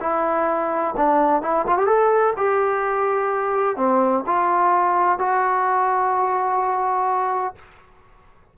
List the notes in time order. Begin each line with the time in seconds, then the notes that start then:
0.00 E4
0.97 D4
1.42 E4
1.66 F4
1.77 G4
1.86 A4
2.36 G4
3.76 C4
4.26 F4
5.19 F#4